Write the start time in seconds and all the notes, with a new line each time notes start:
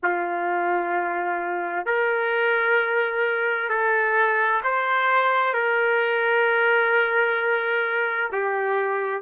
0.03 F4
1.85 A#4
3.69 A4
4.63 C5
5.53 A#4
8.32 G4